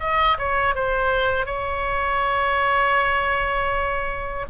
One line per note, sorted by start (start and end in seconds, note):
0.00 0.38 D#5
0.39 0.75 C#5
0.75 1.46 C5
1.46 4.46 C#5